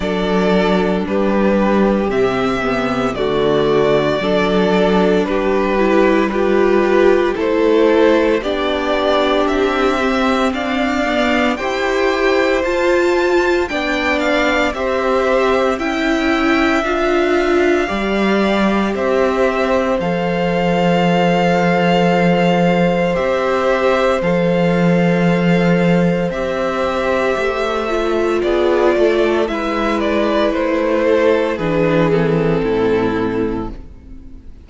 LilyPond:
<<
  \new Staff \with { instrumentName = "violin" } { \time 4/4 \tempo 4 = 57 d''4 b'4 e''4 d''4~ | d''4 b'4 g'4 c''4 | d''4 e''4 f''4 g''4 | a''4 g''8 f''8 e''4 g''4 |
f''2 e''4 f''4~ | f''2 e''4 f''4~ | f''4 e''2 d''4 | e''8 d''8 c''4 b'8 a'4. | }
  \new Staff \with { instrumentName = "violin" } { \time 4/4 a'4 g'2 fis'4 | a'4 g'4 b'4 a'4 | g'2 d''4 c''4~ | c''4 d''4 c''4 e''4~ |
e''4 d''4 c''2~ | c''1~ | c''2. gis'8 a'8 | b'4. a'8 gis'4 e'4 | }
  \new Staff \with { instrumentName = "viola" } { \time 4/4 d'2 c'8 b8 a4 | d'4. e'8 f'4 e'4 | d'4. c'4 b8 g'4 | f'4 d'4 g'4 e'4 |
f'4 g'2 a'4~ | a'2 g'4 a'4~ | a'4 g'4. f'4. | e'2 d'8 c'4. | }
  \new Staff \with { instrumentName = "cello" } { \time 4/4 fis4 g4 c4 d4 | fis4 g2 a4 | b4 c'4 d'4 e'4 | f'4 b4 c'4 cis'4 |
d'4 g4 c'4 f4~ | f2 c'4 f4~ | f4 c'4 a4 b8 a8 | gis4 a4 e4 a,4 | }
>>